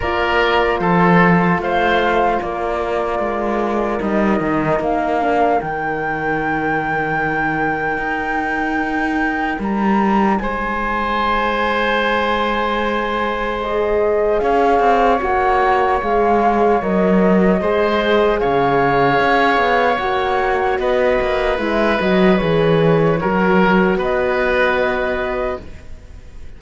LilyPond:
<<
  \new Staff \with { instrumentName = "flute" } { \time 4/4 \tempo 4 = 75 d''4 c''4 f''4 d''4~ | d''4 dis''4 f''4 g''4~ | g''1 | ais''4 gis''2.~ |
gis''4 dis''4 f''4 fis''4 | f''4 dis''2 f''4~ | f''4 fis''4 dis''4 e''8 dis''8 | cis''2 dis''2 | }
  \new Staff \with { instrumentName = "oboe" } { \time 4/4 ais'4 a'4 c''4 ais'4~ | ais'1~ | ais'1~ | ais'4 c''2.~ |
c''2 cis''2~ | cis''2 c''4 cis''4~ | cis''2 b'2~ | b'4 ais'4 b'2 | }
  \new Staff \with { instrumentName = "horn" } { \time 4/4 f'1~ | f'4 dis'4. d'8 dis'4~ | dis'1~ | dis'1~ |
dis'4 gis'2 fis'4 | gis'4 ais'4 gis'2~ | gis'4 fis'2 e'8 fis'8 | gis'4 fis'2. | }
  \new Staff \with { instrumentName = "cello" } { \time 4/4 ais4 f4 a4 ais4 | gis4 g8 dis8 ais4 dis4~ | dis2 dis'2 | g4 gis2.~ |
gis2 cis'8 c'8 ais4 | gis4 fis4 gis4 cis4 | cis'8 b8 ais4 b8 ais8 gis8 fis8 | e4 fis4 b2 | }
>>